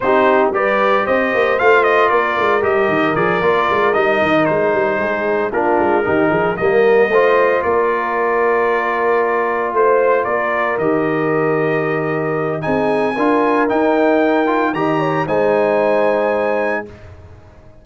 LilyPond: <<
  \new Staff \with { instrumentName = "trumpet" } { \time 4/4 \tempo 4 = 114 c''4 d''4 dis''4 f''8 dis''8 | d''4 dis''4 d''4. dis''8~ | dis''8 c''2 ais'4.~ | ais'8 dis''2 d''4.~ |
d''2~ d''8 c''4 d''8~ | d''8 dis''2.~ dis''8 | gis''2 g''2 | ais''4 gis''2. | }
  \new Staff \with { instrumentName = "horn" } { \time 4/4 g'4 b'4 c''2 | ais'1~ | ais'4. gis'4 f'4 g'8 | gis'8 ais'4 c''4 ais'4.~ |
ais'2~ ais'8 c''4 ais'8~ | ais'1 | gis'4 ais'2. | dis''8 cis''8 c''2. | }
  \new Staff \with { instrumentName = "trombone" } { \time 4/4 dis'4 g'2 f'4~ | f'4 g'4 gis'8 f'4 dis'8~ | dis'2~ dis'8 d'4 dis'8~ | dis'8 ais4 f'2~ f'8~ |
f'1~ | f'8 g'2.~ g'8 | dis'4 f'4 dis'4. f'8 | g'4 dis'2. | }
  \new Staff \with { instrumentName = "tuba" } { \time 4/4 c'4 g4 c'8 ais8 a4 | ais8 gis8 g8 dis8 f8 ais8 gis8 g8 | dis8 gis8 g8 gis4 ais8 gis8 dis8 | f8 g4 a4 ais4.~ |
ais2~ ais8 a4 ais8~ | ais8 dis2.~ dis8 | c'4 d'4 dis'2 | dis4 gis2. | }
>>